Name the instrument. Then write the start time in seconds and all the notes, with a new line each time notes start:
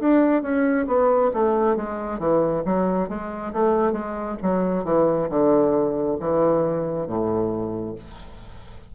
bassoon
0.00 D4
0.42 C#4
0.87 B3
1.34 A3
1.76 G#3
2.19 E3
2.65 F#3
3.08 G#3
3.53 A3
3.92 G#3
4.42 F#3
4.84 E3
5.29 D3
6.20 E3
7.07 A2